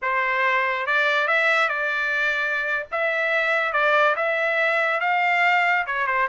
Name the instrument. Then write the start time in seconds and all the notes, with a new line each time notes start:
trumpet
0.02 C5
0.86 D5
1.27 E5
1.68 D5
2.91 E5
3.72 D5
4.15 E5
5.00 F5
5.86 C#5
6.06 C5